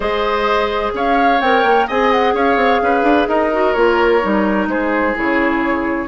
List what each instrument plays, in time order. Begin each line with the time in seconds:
0.00 bassoon G#3, clarinet G#4, oboe C5, flute D#5
0.94 bassoon C#4, oboe C#5, flute F5
1.40 bassoon C4, clarinet A#4, flute G5
1.63 bassoon A#3
1.87 bassoon C4, clarinet G#4, oboe D#5, flute G#5
2.12 flute F#5
2.33 bassoon C#4, oboe C#5, flute F5
2.56 bassoon C4
2.82 bassoon C#4, oboe B4
3.03 bassoon D4
3.28 bassoon D#4, oboe A#4, flute D#5
3.52 clarinet F#4
3.73 bassoon A#3, clarinet F4, flute C#5
4.21 bassoon G3, clarinet D#4
4.67 bassoon G#3, oboe G#4, flute C5
5.15 bassoon C#3, clarinet E4, flute C#5